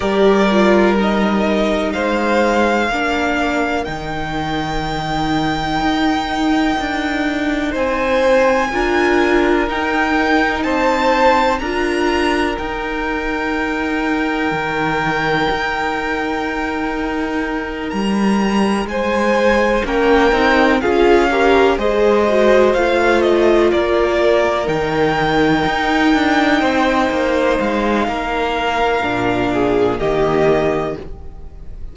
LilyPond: <<
  \new Staff \with { instrumentName = "violin" } { \time 4/4 \tempo 4 = 62 d''4 dis''4 f''2 | g''1 | gis''2 g''4 a''4 | ais''4 g''2.~ |
g''2~ g''8 ais''4 gis''8~ | gis''8 g''4 f''4 dis''4 f''8 | dis''8 d''4 g''2~ g''8~ | g''8 f''2~ f''8 dis''4 | }
  \new Staff \with { instrumentName = "violin" } { \time 4/4 ais'2 c''4 ais'4~ | ais'1 | c''4 ais'2 c''4 | ais'1~ |
ais'2.~ ais'8 c''8~ | c''8 ais'4 gis'8 ais'8 c''4.~ | c''8 ais'2. c''8~ | c''4 ais'4. gis'8 g'4 | }
  \new Staff \with { instrumentName = "viola" } { \time 4/4 g'8 f'8 dis'2 d'4 | dis'1~ | dis'4 f'4 dis'2 | f'4 dis'2.~ |
dis'1~ | dis'8 cis'8 dis'8 f'8 g'8 gis'8 fis'8 f'8~ | f'4. dis'2~ dis'8~ | dis'2 d'4 ais4 | }
  \new Staff \with { instrumentName = "cello" } { \time 4/4 g2 gis4 ais4 | dis2 dis'4 d'4 | c'4 d'4 dis'4 c'4 | d'4 dis'2 dis4 |
dis'2~ dis'8 g4 gis8~ | gis8 ais8 c'8 cis'4 gis4 a8~ | a8 ais4 dis4 dis'8 d'8 c'8 | ais8 gis8 ais4 ais,4 dis4 | }
>>